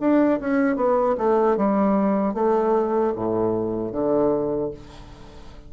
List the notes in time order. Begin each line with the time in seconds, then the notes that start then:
0.00 D4
0.40 C#4
0.76 B3
1.17 A3
1.57 G3
2.34 A3
3.15 A2
3.92 D3